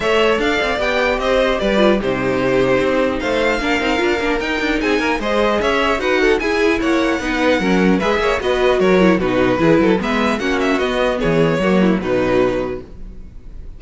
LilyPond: <<
  \new Staff \with { instrumentName = "violin" } { \time 4/4 \tempo 4 = 150 e''4 f''4 g''4 dis''4 | d''4 c''2. | f''2. g''4 | gis''4 dis''4 e''4 fis''4 |
gis''4 fis''2. | e''4 dis''4 cis''4 b'4~ | b'4 e''4 fis''8 e''8 dis''4 | cis''2 b'2 | }
  \new Staff \with { instrumentName = "violin" } { \time 4/4 cis''4 d''2 c''4 | b'4 g'2. | c''4 ais'2. | gis'8 ais'8 c''4 cis''4 b'8 a'8 |
gis'4 cis''4 b'4 ais'4 | b'8 cis''8 b'4 ais'4 fis'4 | gis'8 a'8 b'4 fis'2 | gis'4 fis'8 e'8 dis'2 | }
  \new Staff \with { instrumentName = "viola" } { \time 4/4 a'2 g'2~ | g'8 f'8 dis'2.~ | dis'4 d'8 dis'8 f'8 d'8 dis'4~ | dis'4 gis'2 fis'4 |
e'2 dis'4 cis'4 | gis'4 fis'4. e'8 dis'4 | e'4 b4 cis'4 b4~ | b4 ais4 fis2 | }
  \new Staff \with { instrumentName = "cello" } { \time 4/4 a4 d'8 c'8 b4 c'4 | g4 c2 c'4 | a4 ais8 c'8 d'8 ais8 dis'8 d'8 | c'8 ais8 gis4 cis'4 dis'4 |
e'4 ais4 b4 fis4 | gis8 ais8 b4 fis4 b,4 | e8 fis8 gis4 ais4 b4 | e4 fis4 b,2 | }
>>